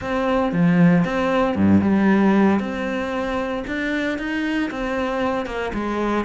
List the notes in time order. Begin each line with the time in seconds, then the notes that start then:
0.01 C4
0.52 F3
1.04 C4
1.55 G2
1.81 G3
2.59 C4
3.67 D4
4.18 D#4
4.71 C4
5.46 A#3
5.73 G#3